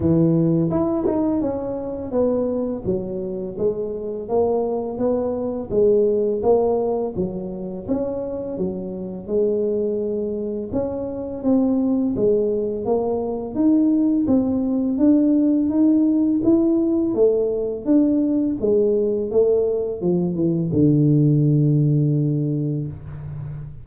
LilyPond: \new Staff \with { instrumentName = "tuba" } { \time 4/4 \tempo 4 = 84 e4 e'8 dis'8 cis'4 b4 | fis4 gis4 ais4 b4 | gis4 ais4 fis4 cis'4 | fis4 gis2 cis'4 |
c'4 gis4 ais4 dis'4 | c'4 d'4 dis'4 e'4 | a4 d'4 gis4 a4 | f8 e8 d2. | }